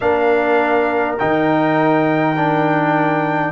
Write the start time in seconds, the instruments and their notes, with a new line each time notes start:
0.00 tuba A#3, trombone D4, horn A#4, trumpet F5
1.18 tuba D#3, trombone D#4, trumpet G5
2.36 trombone D4